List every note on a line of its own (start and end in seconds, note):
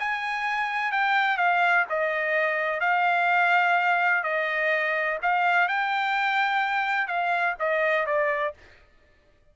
0.00 0.92 G#5
0.92 1.38 G5
1.38 1.85 F5
1.90 2.81 D#5
2.81 4.24 F5
4.24 5.19 D#5
5.23 5.69 F5
5.69 7.08 G5
7.08 7.56 F5
7.60 8.07 D#5
8.07 8.54 D5